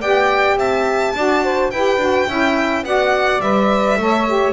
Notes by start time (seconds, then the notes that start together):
0.00 B3 G4 D5 G5
0.56 C4 E5 A5
1.15 D4 F#4 D5
1.44 C5
1.71 E4 G4 B4 G5
1.97 D4 F#4
2.28 C#4 E4 E5
2.83 B3 F#4 D5 F#5
3.40 G3 B4 E5
3.98 A3 A4 C#5
4.28 G4